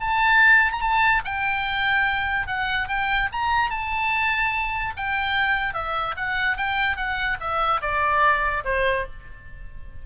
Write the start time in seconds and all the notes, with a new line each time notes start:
0.00 A5
0.72 A#5
0.81 A5
1.24 G5
2.47 F#5
2.88 G5
3.32 A#5
3.70 A5
4.96 G5
5.73 E5
6.16 F#5
6.57 G5
6.96 F#5
7.40 E5
7.81 D5
8.64 C5